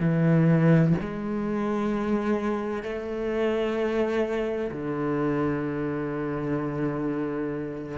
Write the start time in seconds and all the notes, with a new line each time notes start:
0.00 E3
1.00 G#3
2.83 A3
4.71 D3